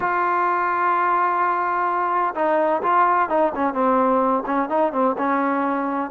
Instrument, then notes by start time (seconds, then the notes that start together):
trombone
0.00 F4
2.35 D#4
2.82 F4
3.29 D#4
3.55 C#4
3.73 C4
4.45 C#4
4.69 D#4
4.92 C4
5.18 C#4